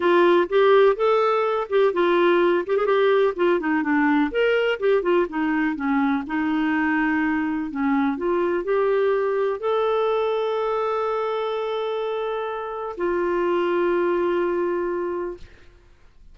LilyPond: \new Staff \with { instrumentName = "clarinet" } { \time 4/4 \tempo 4 = 125 f'4 g'4 a'4. g'8 | f'4. g'16 gis'16 g'4 f'8 dis'8 | d'4 ais'4 g'8 f'8 dis'4 | cis'4 dis'2. |
cis'4 f'4 g'2 | a'1~ | a'2. f'4~ | f'1 | }